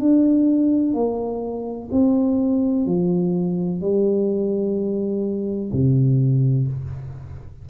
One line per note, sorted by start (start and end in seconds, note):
0.00 0.94 D4
0.94 1.89 A#3
1.91 2.86 C4
2.86 3.81 F3
3.81 5.71 G3
5.72 6.68 C3